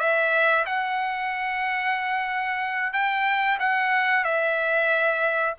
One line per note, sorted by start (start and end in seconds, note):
0.00 0.65 E5
0.66 2.93 F#5
2.93 3.59 G5
3.60 4.25 F#5
4.25 5.55 E5